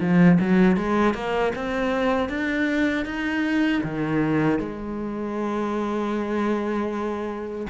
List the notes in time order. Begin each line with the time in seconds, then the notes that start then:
0.00 F3
0.40 F#3
0.77 G#3
1.14 A#3
1.55 C4
2.29 D4
3.05 D#4
3.84 D#3
4.59 G#3